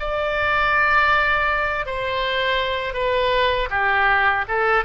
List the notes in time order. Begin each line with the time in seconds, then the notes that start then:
0.00 D5
1.86 C5
2.94 B4
3.71 G4
4.49 A4